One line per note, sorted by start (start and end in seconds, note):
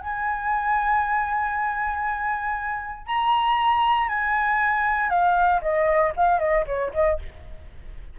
0.00 3.06 G#5
3.06 4.08 A#5
4.08 5.10 G#5
5.10 5.61 F5
5.61 6.13 D#5
6.16 6.39 F5
6.39 6.65 D#5
6.66 6.92 C#5
6.93 7.19 D#5